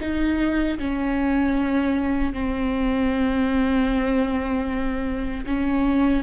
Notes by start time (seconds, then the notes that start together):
0.00 D#4
0.78 C#4
2.33 C4
5.46 C#4